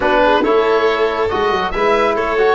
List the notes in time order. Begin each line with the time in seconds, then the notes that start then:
0.00 B3 D4 F#4 B4
0.24 G#4
0.42 A3 E4 A4 C#5
1.29 G#3 F#4 D#5
1.50 F#3
1.71 G#3 E4 B4 E5
2.15 A3 A4 C#5
2.37 F#4